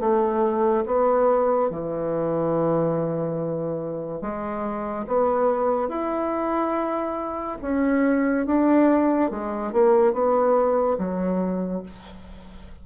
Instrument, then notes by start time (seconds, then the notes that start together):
bassoon
0.00 A3
0.86 B3
1.70 E3
4.22 G#3
5.07 B3
5.89 E4
7.62 C#4
8.47 D4
9.31 G#3
9.73 A#3
10.13 B3
10.99 F#3